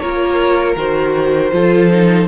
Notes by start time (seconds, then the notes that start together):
0.00 A#3 F4 A#4 C#5
0.76 D#3 F#4 C5
1.52 F3 F4 A4
1.91 D#4